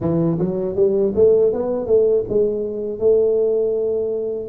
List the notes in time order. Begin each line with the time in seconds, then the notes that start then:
0.00 E3
0.39 F#3
0.75 G3
1.15 A3
1.52 B3
1.86 A3
2.29 G#3
2.99 A3